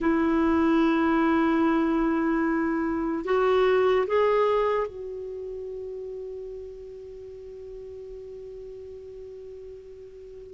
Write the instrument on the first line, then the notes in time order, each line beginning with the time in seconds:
clarinet
0.00 E4
3.24 F#4
4.06 G#4
4.87 F#4